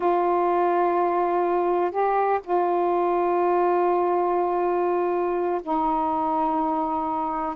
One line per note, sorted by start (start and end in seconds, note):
0.00 1.91 F4
1.91 2.40 G4
2.44 5.61 F4
5.62 7.55 D#4